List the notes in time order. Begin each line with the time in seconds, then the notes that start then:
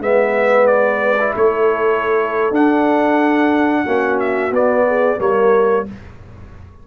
0.00 G#3 B3 B4 E5
0.67 D5
1.20 E4
1.35 A3 A4 C#5
2.51 D4 F#5
3.84 A#3 C#4 F#4
4.19 E5
4.51 B3 D5
4.87 G#4
5.19 G3 A#3 A#4 C#5